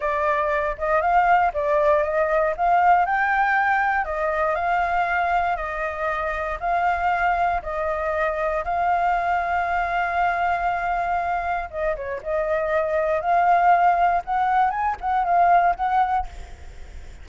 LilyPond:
\new Staff \with { instrumentName = "flute" } { \time 4/4 \tempo 4 = 118 d''4. dis''8 f''4 d''4 | dis''4 f''4 g''2 | dis''4 f''2 dis''4~ | dis''4 f''2 dis''4~ |
dis''4 f''2.~ | f''2. dis''8 cis''8 | dis''2 f''2 | fis''4 gis''8 fis''8 f''4 fis''4 | }